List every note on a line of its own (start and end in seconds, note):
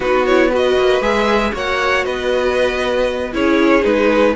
0.00 0.76 B3
0.00 0.26 D#4
0.00 0.49 F#4
0.00 0.26 B4
0.26 0.52 E4
0.26 0.51 C#5
0.49 1.02 F#4
0.49 1.52 B4
0.56 1.01 D#5
0.77 1.00 A#3
1.00 1.51 G#3
1.00 1.52 G#4
1.00 1.53 E5
1.52 2.05 A#3
1.52 3.31 F#4
1.52 2.05 C#5
1.52 2.04 F#5
2.04 3.34 B3
2.04 3.33 B4
2.04 3.33 D#5
3.32 3.84 C#4
3.32 3.81 E4
3.32 4.35 G#4
3.32 3.84 C#5
3.81 4.35 G#3
3.81 4.33 D#4
3.81 4.35 B4